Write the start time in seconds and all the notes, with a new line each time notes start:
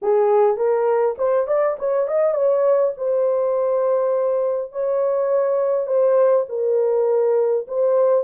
0.02 G#4
0.56 A#4
1.18 C5
1.47 D5
1.78 C#5
2.07 D#5
2.34 C#5
2.97 C5
4.72 C#5
5.86 C5
6.48 A#4
7.67 C5